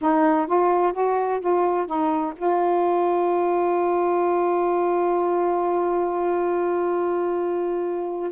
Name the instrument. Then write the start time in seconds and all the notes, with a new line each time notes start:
saxophone
0.01 D#4
0.46 F4
0.93 F#4
1.40 F4
1.86 D#4
2.36 F4